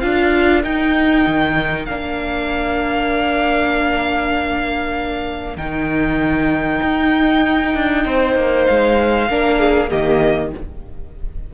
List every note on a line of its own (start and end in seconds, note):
0.00 0.64 D4
0.00 0.64 F4
0.00 8.05 A#4
0.00 0.62 F5
0.64 1.87 D#4
0.64 1.26 D#4
0.64 1.86 G5
1.27 1.88 D#3
1.86 5.57 A#3
1.86 5.57 D4
1.86 5.57 F5
5.57 6.81 D#3
5.57 9.28 D#4
5.57 8.66 G5
6.82 7.74 D#4
7.74 8.05 D4
8.05 8.36 C4
8.05 9.29 C5
8.36 8.66 A#3
8.66 9.29 G#3
8.66 9.90 F5
9.29 9.91 A#3
9.29 9.89 D4
9.29 9.60 A#4
9.60 9.90 G#4
9.89 10.54 D#3
9.89 10.51 A#3
9.89 10.52 G4
9.89 10.52 D#5